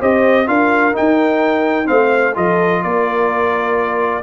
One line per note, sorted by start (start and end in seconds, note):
0.00 0.47 C4
0.00 0.46 G4
0.00 0.47 C5
0.00 0.47 D#5
0.46 0.94 D4
0.46 0.93 F4
0.46 1.88 A#4
0.46 0.94 F5
0.93 1.85 D#4
0.93 1.90 D#4
0.93 1.87 G5
1.85 2.37 A3
1.85 2.32 C4
1.85 2.35 C5
1.85 2.34 F5
2.35 2.84 F3
2.35 4.22 F4
2.35 2.82 A4
2.35 2.83 D#5
2.83 4.22 A#3
2.83 4.22 A#4
2.83 4.22 D5